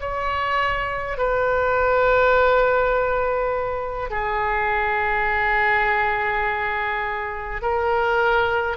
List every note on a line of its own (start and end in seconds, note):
0.00 1.18 C#5
1.18 4.10 B4
4.10 7.62 G#4
7.62 8.77 A#4